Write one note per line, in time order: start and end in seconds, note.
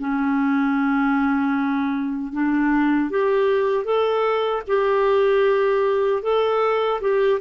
0.00 2.33 C#4
2.33 3.11 D4
3.11 3.85 G4
3.85 4.63 A4
4.68 6.23 G4
6.23 7.01 A4
7.01 7.40 G4